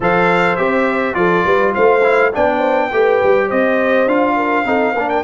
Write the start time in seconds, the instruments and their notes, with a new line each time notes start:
0.00 tuba F3, trombone A4, horn C5, trumpet F5
0.56 tuba C4, trombone G4, trumpet E5
1.14 tuba F3, trombone F4, horn A4, trumpet D5
1.44 tuba G3, horn B4
1.74 tuba A3, horn C5, trumpet F5
2.03 trombone E4
2.32 tuba B3, trombone D4, horn D5, trumpet G5
2.58 horn C5
2.92 tuba A3, trombone G4, horn B4
3.23 tuba G3
3.47 tuba C4, horn C5, trumpet D#5
4.06 tuba D4, trombone F4, trumpet F5
4.35 horn A#4
4.65 tuba C4, trombone D#4, horn A4
4.93 tuba A#3, trombone D4, horn A#4
5.09 trumpet G5